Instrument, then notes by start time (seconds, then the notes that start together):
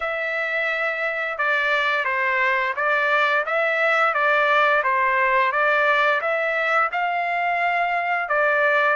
trumpet
0.00 E5
1.38 D5
2.05 C5
2.76 D5
3.45 E5
4.13 D5
4.83 C5
5.51 D5
6.21 E5
6.92 F5
8.29 D5